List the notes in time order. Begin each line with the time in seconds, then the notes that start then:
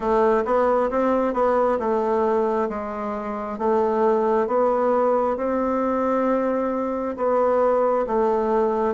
0.00 A3
0.45 B3
0.90 C4
1.34 B3
1.79 A3
2.69 G#3
3.58 A3
4.47 B3
5.36 C4
7.16 B3
8.06 A3